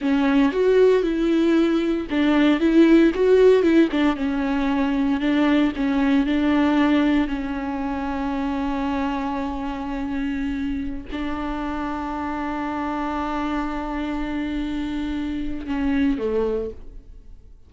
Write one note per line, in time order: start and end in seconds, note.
0.01 0.52 C#4
0.52 1.02 F#4
1.02 2.07 E4
2.10 2.59 D4
2.59 3.12 E4
3.14 3.62 F#4
3.62 3.88 E4
3.91 4.16 D4
4.16 5.20 C#4
5.20 5.72 D4
5.75 6.26 C#4
6.26 7.27 D4
7.27 11.06 C#4
11.12 15.66 D4
15.66 16.18 C#4
16.18 16.70 A3